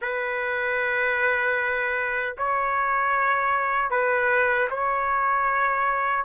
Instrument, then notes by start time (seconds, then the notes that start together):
trumpet
0.01 B4
2.37 C#5
3.90 B4
4.70 C#5